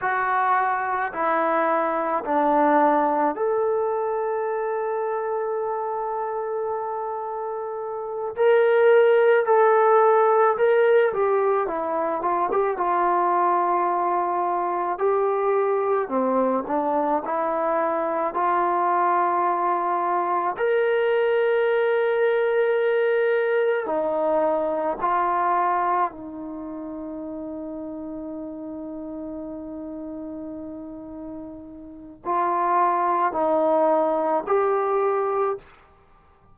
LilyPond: \new Staff \with { instrumentName = "trombone" } { \time 4/4 \tempo 4 = 54 fis'4 e'4 d'4 a'4~ | a'2.~ a'8 ais'8~ | ais'8 a'4 ais'8 g'8 e'8 f'16 g'16 f'8~ | f'4. g'4 c'8 d'8 e'8~ |
e'8 f'2 ais'4.~ | ais'4. dis'4 f'4 dis'8~ | dis'1~ | dis'4 f'4 dis'4 g'4 | }